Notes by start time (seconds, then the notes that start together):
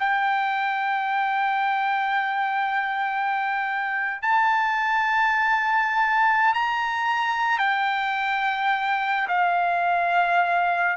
0.00 G5
4.22 A5
6.54 A#5
7.59 G5
9.28 F5